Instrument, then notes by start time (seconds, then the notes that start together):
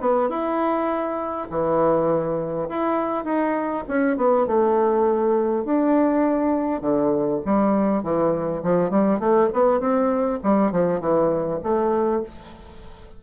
bassoon
0.00 B3
0.29 E4
1.50 E3
2.69 E4
3.24 D#4
3.88 C#4
4.17 B3
4.46 A3
5.65 D4
6.81 D3
7.45 G3
8.03 E3
8.63 F3
8.90 G3
9.19 A3
9.53 B3
9.80 C4
10.43 G3
10.71 F3
11.00 E3
11.63 A3